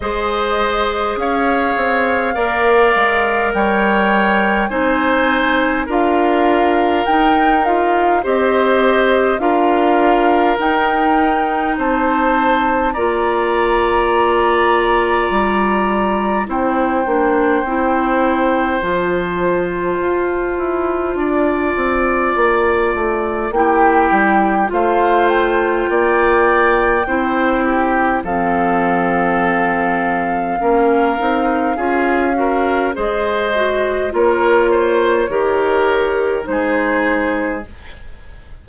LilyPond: <<
  \new Staff \with { instrumentName = "flute" } { \time 4/4 \tempo 4 = 51 dis''4 f''2 g''4 | gis''4 f''4 g''8 f''8 dis''4 | f''4 g''4 a''4 ais''4~ | ais''2 g''2 |
a''1 | g''4 f''8 g''2~ g''8 | f''1 | dis''4 cis''2 c''4 | }
  \new Staff \with { instrumentName = "oboe" } { \time 4/4 c''4 cis''4 d''4 cis''4 | c''4 ais'2 c''4 | ais'2 c''4 d''4~ | d''2 c''2~ |
c''2 d''2 | g'4 c''4 d''4 c''8 g'8 | a'2 ais'4 gis'8 ais'8 | c''4 ais'8 c''8 ais'4 gis'4 | }
  \new Staff \with { instrumentName = "clarinet" } { \time 4/4 gis'2 ais'2 | dis'4 f'4 dis'8 f'8 g'4 | f'4 dis'2 f'4~ | f'2 e'8 d'8 e'4 |
f'1 | e'4 f'2 e'4 | c'2 cis'8 dis'8 f'8 fis'8 | gis'8 fis'8 f'4 g'4 dis'4 | }
  \new Staff \with { instrumentName = "bassoon" } { \time 4/4 gis4 cis'8 c'8 ais8 gis8 g4 | c'4 d'4 dis'4 c'4 | d'4 dis'4 c'4 ais4~ | ais4 g4 c'8 ais8 c'4 |
f4 f'8 e'8 d'8 c'8 ais8 a8 | ais8 g8 a4 ais4 c'4 | f2 ais8 c'8 cis'4 | gis4 ais4 dis4 gis4 | }
>>